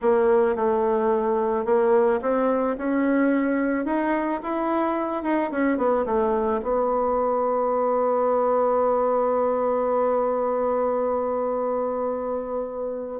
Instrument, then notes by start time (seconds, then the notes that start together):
bassoon
0.01 A#3
0.55 A3
1.65 A#3
2.21 C4
2.77 C#4
3.85 D#4
4.42 E4
5.22 D#4
5.51 C#4
5.77 B3
6.05 A3
6.62 B3